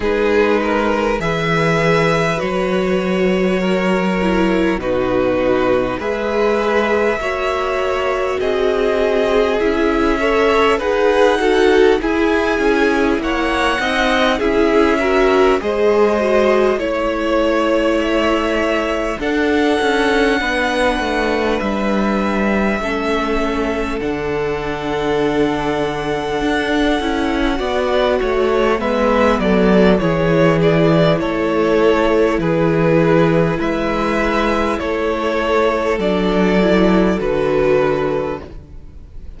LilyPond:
<<
  \new Staff \with { instrumentName = "violin" } { \time 4/4 \tempo 4 = 50 b'4 e''4 cis''2 | b'4 e''2 dis''4 | e''4 fis''4 gis''4 fis''4 | e''4 dis''4 cis''4 e''4 |
fis''2 e''2 | fis''1 | e''8 d''8 cis''8 d''8 cis''4 b'4 | e''4 cis''4 d''4 b'4 | }
  \new Staff \with { instrumentName = "violin" } { \time 4/4 gis'8 ais'8 b'2 ais'4 | fis'4 b'4 cis''4 gis'4~ | gis'8 cis''8 b'8 a'8 gis'4 cis''8 dis''8 | gis'8 ais'8 c''4 cis''2 |
a'4 b'2 a'4~ | a'2. d''8 cis''8 | b'8 a'8 gis'4 a'4 gis'4 | b'4 a'2. | }
  \new Staff \with { instrumentName = "viola" } { \time 4/4 dis'4 gis'4 fis'4. e'8 | dis'4 gis'4 fis'2 | e'8 a'8 gis'8 fis'8 e'4. dis'8 | e'8 fis'8 gis'8 fis'8 e'2 |
d'2. cis'4 | d'2~ d'8 e'8 fis'4 | b4 e'2.~ | e'2 d'8 e'8 fis'4 | }
  \new Staff \with { instrumentName = "cello" } { \time 4/4 gis4 e4 fis2 | b,4 gis4 ais4 c'4 | cis'4 dis'4 e'8 cis'8 ais8 c'8 | cis'4 gis4 a2 |
d'8 cis'8 b8 a8 g4 a4 | d2 d'8 cis'8 b8 a8 | gis8 fis8 e4 a4 e4 | gis4 a4 fis4 d4 | }
>>